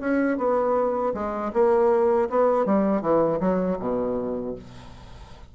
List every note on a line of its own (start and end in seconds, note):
0.00 0.37 C#4
0.37 1.13 B3
1.14 1.52 G#3
1.53 2.29 A#3
2.30 2.65 B3
2.65 3.01 G3
3.01 3.39 E3
3.40 3.78 F#3
3.79 4.55 B2